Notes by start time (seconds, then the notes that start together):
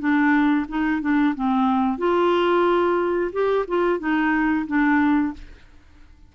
0.00 D4
0.69 D#4
1.02 D4
1.36 C4
1.98 F4
3.33 G4
3.68 F4
4.00 D#4
4.67 D4